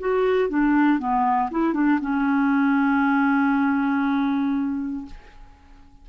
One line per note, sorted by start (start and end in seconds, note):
0.00 0.49 F#4
0.49 0.99 D4
0.99 1.50 B3
1.51 1.74 E4
1.74 2.00 D4
2.01 5.06 C#4